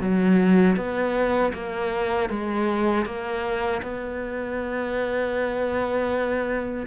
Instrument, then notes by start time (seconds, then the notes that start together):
cello
0.00 F#3
0.76 B3
1.53 A#3
2.29 G#3
3.05 A#3
3.82 B3